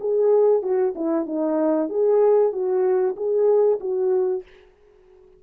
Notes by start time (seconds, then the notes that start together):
0.00 G#4
0.62 F#4
0.95 E4
1.26 D#4
1.89 G#4
2.52 F#4
3.17 G#4
3.80 F#4